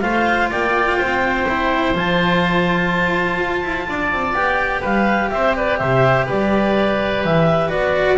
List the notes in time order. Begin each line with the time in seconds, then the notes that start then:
0.00 A3 F4 C5 F5
0.50 A#3 D5 G5
0.97 C4 C5
1.48 E4
1.94 F3 F4 A5
3.39 F4
3.63 E4
3.88 D4 D5
4.12 C4
4.33 B3 G4 G5
4.80 G3 B4 F5
5.30 C4 C5 E5
5.56 B4 D5
5.78 C3 C5 E5
6.25 G3 B4 D5
7.24 E3 E5
7.68 B3 F#4 D5